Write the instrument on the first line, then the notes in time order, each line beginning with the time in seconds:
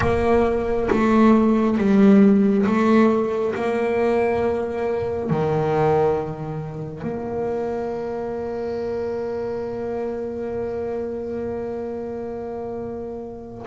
double bass
0.00 A#3
0.90 A3
1.77 G3
2.66 A3
3.55 A#3
5.29 D#3
7.03 A#3